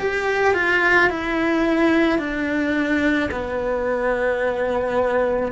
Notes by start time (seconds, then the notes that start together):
0.00 G4
0.55 F4
1.10 E4
2.19 D4
3.32 B3